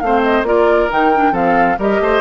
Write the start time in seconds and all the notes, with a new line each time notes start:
0.00 A3 C4 C5 F5
0.23 D#5
0.43 A#3 F4 A#4 D5
0.89 D#3 D#4 G5
1.15 D4
1.32 F3 C4 A4 F5
1.78 G3 G4 A#4 D#5
2.00 A3 C5